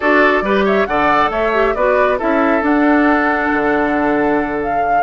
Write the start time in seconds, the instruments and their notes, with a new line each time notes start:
0.00 bassoon D4, clarinet F#4, oboe A4, flute D5
0.41 bassoon G3, clarinet G4, oboe B4
0.64 oboe C#5, flute E5
0.86 bassoon D3, clarinet A4, oboe D5, flute F#5
1.30 bassoon A3, oboe C#5, flute E5
1.53 clarinet G4
1.74 bassoon B3, clarinet F#4, oboe B4, flute D5
2.18 bassoon C#4, clarinet E4, oboe A4, flute E5
2.61 clarinet D4, bassoon D4, flute F#5
3.52 bassoon D3
4.62 flute F5